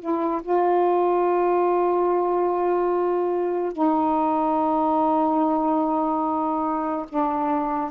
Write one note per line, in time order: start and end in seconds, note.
0.00 0.42 E4
0.42 3.73 F4
3.73 7.06 D#4
7.09 7.91 D4